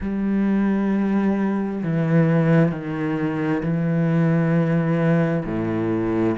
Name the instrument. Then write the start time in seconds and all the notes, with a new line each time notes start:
cello
0.00 G3
1.83 E3
2.71 D#3
3.62 E3
5.45 A2